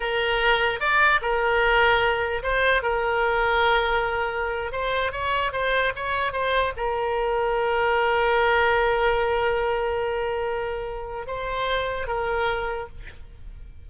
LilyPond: \new Staff \with { instrumentName = "oboe" } { \time 4/4 \tempo 4 = 149 ais'2 d''4 ais'4~ | ais'2 c''4 ais'4~ | ais'2.~ ais'8. c''16~ | c''8. cis''4 c''4 cis''4 c''16~ |
c''8. ais'2.~ ais'16~ | ais'1~ | ais'1 | c''2 ais'2 | }